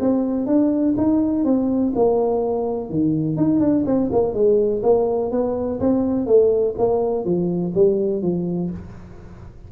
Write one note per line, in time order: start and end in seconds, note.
0.00 0.46 C4
0.46 0.95 D4
0.97 1.45 D#4
1.45 1.93 C4
1.95 2.90 A#3
2.90 3.37 D#3
3.37 3.60 D#4
3.60 3.84 D4
3.86 4.10 C4
4.12 4.34 A#3
4.34 4.82 G#3
4.83 5.31 A#3
5.31 5.80 B3
5.80 6.26 C4
6.26 6.75 A3
6.78 7.25 A#3
7.25 7.73 F3
7.74 8.22 G3
8.22 8.71 F3